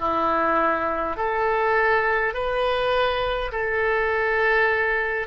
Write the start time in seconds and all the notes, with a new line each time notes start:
0.00 E4
1.17 A4
2.34 B4
3.52 A4